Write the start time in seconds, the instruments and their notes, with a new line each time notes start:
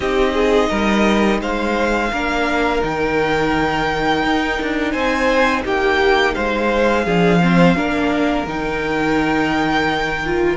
0.00 cello C4, viola D#4, violin G4 D#5
0.33 violin G#4
0.69 cello G3, violin A#4
1.41 cello G#3, violin C5 F5
2.11 cello A#3, viola D4, violin A#4
2.80 cello D#3, viola D#4, violin G5
4.23 cello D#4
4.62 cello D4
4.91 cello C4, violin C5 G#5
5.64 cello A#3, violin G4 G5
6.34 cello G#3, violin C5 F5
7.04 cello F3, viola D4, violin G#4
7.41 viola C4, violin C5
7.76 cello A#3, viola D4, violin A#4
8.46 cello D#3, viola D#4, violin G5
10.25 viola F4